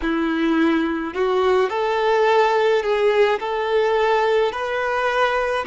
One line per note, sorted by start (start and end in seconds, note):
0.01 1.13 E4
1.13 1.69 F#4
1.69 2.83 A4
2.83 3.39 G#4
3.39 4.51 A4
4.51 5.64 B4